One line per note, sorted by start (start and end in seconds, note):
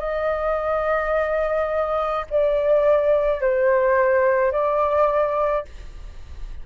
0.00 2.26 D#5
2.31 3.42 D5
3.42 4.52 C5
4.52 5.66 D5